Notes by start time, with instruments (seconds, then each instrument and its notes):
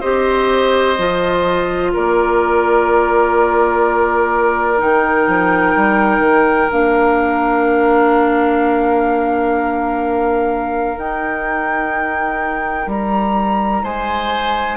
0.00 bassoon C4, clarinet G4, oboe C5, flute D#5
0.98 bassoon F3, clarinet F4
1.93 bassoon A#3, oboe A#4, flute D5
4.77 bassoon D#3, clarinet D#4, flute G5
5.27 bassoon F3
5.75 bassoon G3
6.18 bassoon D#3
6.71 bassoon A#3, clarinet D4, flute F5
10.96 clarinet D#4, bassoon D#4, flute G5
12.86 bassoon G3, flute A#5
13.83 bassoon G#3, oboe C5, flute G#5